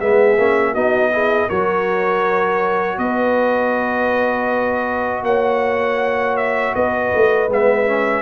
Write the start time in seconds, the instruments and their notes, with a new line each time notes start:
0.00 tuba G#3, trombone B3, horn G#4, trumpet E5
0.38 tuba A#3, trombone C#4
0.72 tuba B3, trombone D#4, horn F#4, trumpet D#5
1.12 trombone E4, horn G#4
1.48 tuba F#3, trombone F#4, horn A#4, trumpet C#5
2.98 tuba B3, horn B4, trumpet D#5
5.23 tuba A#3, horn C#5, trumpet F#5
6.37 trumpet E5
6.75 tuba B3, horn B4, trumpet D#5
7.15 tuba A3
7.49 tuba G#3, trombone B3, trumpet E5
7.86 trombone C#4